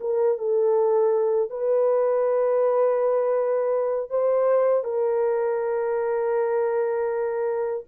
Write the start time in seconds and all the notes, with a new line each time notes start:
0.00 A#4
0.38 A4
1.50 B4
4.10 C5
4.84 A#4